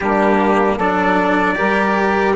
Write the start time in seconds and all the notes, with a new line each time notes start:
0.00 G3 A#3 D4 G4
0.76 F#3 D4 A4 D5
1.55 G3 G4 A#4